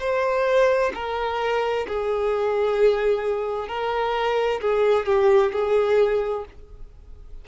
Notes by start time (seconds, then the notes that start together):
0.00 C5
0.94 A#4
1.88 G#4
3.68 A#4
4.61 G#4
5.06 G4
5.53 G#4